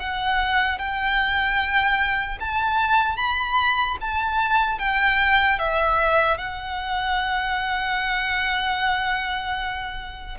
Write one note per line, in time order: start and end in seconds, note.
0.00 0.79 F#5
0.79 2.39 G5
2.41 3.17 A5
3.17 3.97 B5
4.01 4.79 A5
4.79 5.59 G5
5.59 6.38 E5
6.38 10.38 F#5